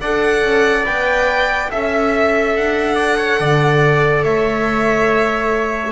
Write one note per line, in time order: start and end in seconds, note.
0.00 0.42 D4
0.00 0.84 A4
0.00 1.70 D5
0.00 0.85 F#5
0.42 0.84 C#4
0.84 1.71 B3
0.84 1.68 B4
0.84 1.70 G5
1.70 2.57 C#4
1.70 5.91 A4
1.70 2.95 E5
1.70 2.56 E5
2.56 3.39 D4
2.56 4.23 F#5
2.95 3.16 D5
3.17 3.38 C#5
3.39 4.24 D3
3.39 4.24 D5
4.23 5.91 A3
4.23 5.91 C#5
4.23 5.91 E5